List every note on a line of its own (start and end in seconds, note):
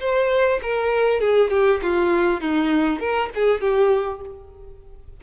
0.00 0.60 C5
0.62 1.20 A#4
1.20 1.50 G#4
1.50 1.80 G4
1.82 2.41 F4
2.41 3.00 D#4
3.00 3.30 A#4
3.35 3.61 G#4
3.61 4.21 G4